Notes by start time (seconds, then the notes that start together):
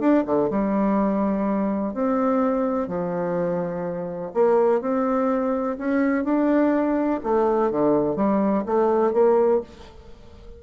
0.00 D4
0.26 D3
0.51 G3
1.94 C4
2.88 F3
4.34 A#3
4.81 C4
5.79 C#4
6.25 D4
7.24 A3
7.71 D3
8.16 G3
8.66 A3
9.14 A#3